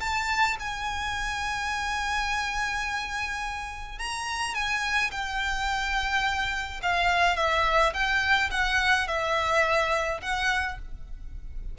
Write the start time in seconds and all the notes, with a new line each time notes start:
0.00 A5
0.59 G#5
3.99 A#5
4.54 G#5
5.11 G5
6.82 F5
7.36 E5
7.93 G5
8.51 F#5
9.07 E5
10.21 F#5